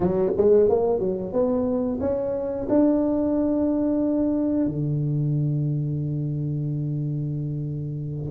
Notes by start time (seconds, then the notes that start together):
0.00 F#3
0.37 G#3
0.69 A#3
0.99 F#3
1.32 B3
2.00 C#4
2.68 D4
4.66 D3